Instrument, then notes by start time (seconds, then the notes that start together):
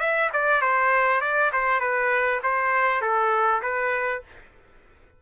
trumpet
0.00 E5
0.33 D5
0.62 C5
1.21 D5
1.53 C5
1.80 B4
2.43 C5
3.02 A4
3.62 B4